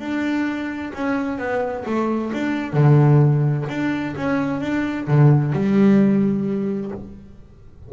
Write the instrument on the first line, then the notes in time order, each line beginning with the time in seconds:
double bass
0.00 D4
0.94 C#4
1.39 B3
1.86 A3
2.33 D4
2.74 D3
3.69 D4
4.16 C#4
4.61 D4
5.08 D3
5.53 G3